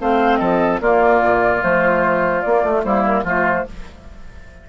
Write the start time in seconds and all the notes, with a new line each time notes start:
0.00 A3 C4 C5 F5
0.37 F3 A4 D#5
0.81 A#3 F4 D5
1.23 A#2
1.61 F3 A3 C5
2.41 A#3 D5
2.63 A3
2.84 G3 A#3 E4 C5
3.06 A#4
3.23 F3 A3 F4 C5